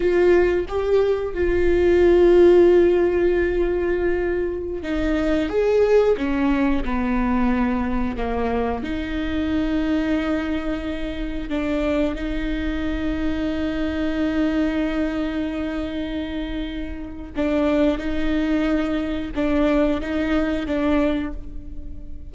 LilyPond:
\new Staff \with { instrumentName = "viola" } { \time 4/4 \tempo 4 = 90 f'4 g'4 f'2~ | f'2.~ f'16 dis'8.~ | dis'16 gis'4 cis'4 b4.~ b16~ | b16 ais4 dis'2~ dis'8.~ |
dis'4~ dis'16 d'4 dis'4.~ dis'16~ | dis'1~ | dis'2 d'4 dis'4~ | dis'4 d'4 dis'4 d'4 | }